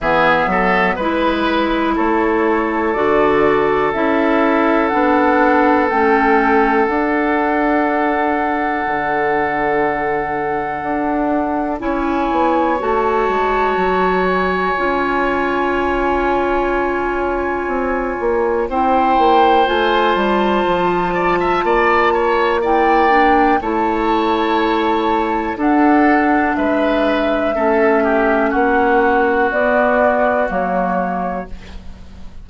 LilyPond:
<<
  \new Staff \with { instrumentName = "flute" } { \time 4/4 \tempo 4 = 61 e''4 b'4 cis''4 d''4 | e''4 fis''4 g''4 fis''4~ | fis''1 | gis''4 a''4. gis''4.~ |
gis''2. g''4 | gis''8 a''2~ a''8 g''4 | a''2 fis''4 e''4~ | e''4 fis''4 d''4 cis''4 | }
  \new Staff \with { instrumentName = "oboe" } { \time 4/4 gis'8 a'8 b'4 a'2~ | a'1~ | a'1 | cis''1~ |
cis''2. c''4~ | c''4. d''16 e''16 d''8 cis''8 d''4 | cis''2 a'4 b'4 | a'8 g'8 fis'2. | }
  \new Staff \with { instrumentName = "clarinet" } { \time 4/4 b4 e'2 fis'4 | e'4 d'4 cis'4 d'4~ | d'1 | e'4 fis'2 f'4~ |
f'2. e'4 | f'2. e'8 d'8 | e'2 d'2 | cis'2 b4 ais4 | }
  \new Staff \with { instrumentName = "bassoon" } { \time 4/4 e8 fis8 gis4 a4 d4 | cis'4 b4 a4 d'4~ | d'4 d2 d'4 | cis'8 b8 a8 gis8 fis4 cis'4~ |
cis'2 c'8 ais8 c'8 ais8 | a8 g8 f4 ais2 | a2 d'4 gis4 | a4 ais4 b4 fis4 | }
>>